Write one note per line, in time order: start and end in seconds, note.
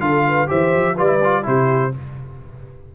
0.00 0.48 D3
0.00 0.47 F4
0.00 0.25 A4
0.00 0.48 F5
0.28 0.48 B4
0.47 0.75 E3
0.47 0.95 G4
0.47 0.95 C5
0.47 0.98 E5
0.75 0.99 F3
0.95 1.46 G3
0.95 1.06 F4
0.95 1.43 B4
0.95 1.46 D5
1.06 1.19 E4
1.24 1.43 F4
1.43 1.94 C3
1.43 1.91 E4
1.43 1.95 G4
1.43 1.95 C5